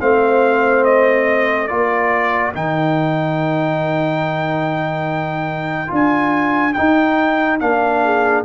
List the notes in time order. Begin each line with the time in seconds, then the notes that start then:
0.00 A3 C4 C5 F5
0.84 D#5
1.67 A#3 F4 A#4 D5
2.54 D#3 D#4 G5
5.87 D4 F4
5.95 G#5
6.73 D#4 G5
7.60 A#3 D4 F5
8.03 G#4